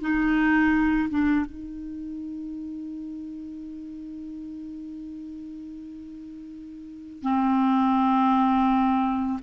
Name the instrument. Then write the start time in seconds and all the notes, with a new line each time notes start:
clarinet
0.00 D#4
1.09 D4
1.45 D#4
7.22 C4